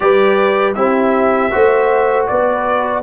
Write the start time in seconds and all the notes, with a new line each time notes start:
0.00 G3 G4 B4 D5
0.74 C4 E4 G4 E5
1.51 A3 F#4 C5
2.27 B3 B4 D5